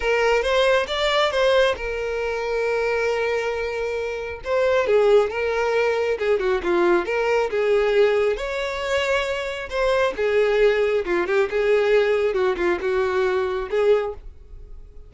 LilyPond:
\new Staff \with { instrumentName = "violin" } { \time 4/4 \tempo 4 = 136 ais'4 c''4 d''4 c''4 | ais'1~ | ais'2 c''4 gis'4 | ais'2 gis'8 fis'8 f'4 |
ais'4 gis'2 cis''4~ | cis''2 c''4 gis'4~ | gis'4 f'8 g'8 gis'2 | fis'8 f'8 fis'2 gis'4 | }